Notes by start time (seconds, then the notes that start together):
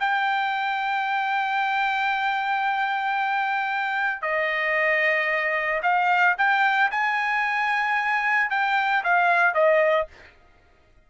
0.00 G5
4.22 D#5
5.83 F5
6.38 G5
6.91 G#5
8.51 G5
9.04 F5
9.55 D#5